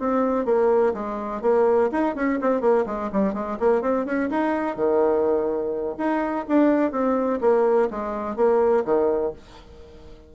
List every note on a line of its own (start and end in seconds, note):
0.00 0.46 C4
0.46 0.94 A#3
0.94 1.42 G#3
1.42 1.90 A#3
1.92 2.16 D#4
2.16 2.40 C#4
2.42 2.62 C4
2.62 2.86 A#3
2.86 3.10 G#3
3.13 3.34 G3
3.34 3.58 G#3
3.60 3.82 A#3
3.82 4.06 C4
4.06 4.30 C#4
4.30 4.77 D#4
4.77 5.97 D#3
5.98 6.46 D#4
6.48 6.92 D4
6.92 7.40 C4
7.41 7.89 A#3
7.91 8.36 G#3
8.36 8.84 A#3
8.86 9.34 D#3